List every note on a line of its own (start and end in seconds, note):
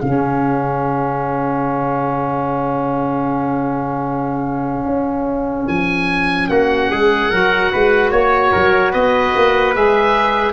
0.00 4.86 C#3
0.00 7.31 C#4
0.00 6.49 G#4
0.00 5.68 F5
4.86 5.67 C#4
5.68 6.49 F3
5.68 6.49 G#5
6.49 6.90 A#3
6.49 6.91 F#4
6.49 8.11 F#5
6.91 7.31 G#3
6.91 7.31 G#4
7.31 7.72 F#3
7.31 9.74 F#4
7.31 7.71 A#4
7.72 8.11 G#3
7.72 8.11 B4
8.11 8.52 A#3
8.11 8.52 C#5
8.11 8.92 C#5
8.52 8.94 F#3
8.52 8.91 A#4
8.91 9.34 B3
8.91 10.53 B4
8.91 9.75 D#5
9.36 9.76 A#3
9.74 10.53 G#3
9.74 10.53 G#4
9.74 10.53 E5